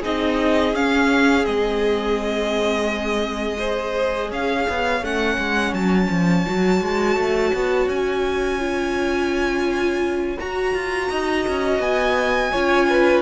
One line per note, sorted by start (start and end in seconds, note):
0.00 0.74 C4
0.00 0.74 D#4
0.00 3.57 G#4
0.00 0.75 D#5
0.74 1.45 C#4
0.74 1.44 C#4
0.74 1.45 F5
1.44 4.32 G#3
1.44 3.58 C4
1.44 4.31 D#5
3.59 5.04 G#4
3.59 4.30 C5
4.30 4.67 C#4
4.30 11.08 C#5
4.30 5.05 F5
4.69 5.02 B3
5.02 5.38 A3
5.02 6.46 C#4
5.02 5.74 F#5
5.39 5.73 G#3
5.73 6.09 F#3
5.73 7.88 A5
6.10 6.46 F3
6.46 6.82 F#3
6.46 8.59 F#4
6.82 7.17 G#3
7.17 7.53 A3
7.54 7.88 B3
7.88 10.38 C#4
7.88 10.39 G#5
8.59 10.38 F4
10.38 12.53 F#4
10.38 10.75 F#4
10.38 11.81 A#5
10.75 11.10 F4
11.10 11.47 D#4
11.10 12.52 D#5
11.48 11.80 C#4
11.80 12.51 B3
11.80 13.22 G#5
12.52 13.22 C#4
12.52 13.22 F4
12.52 12.88 C#5
12.90 13.22 B4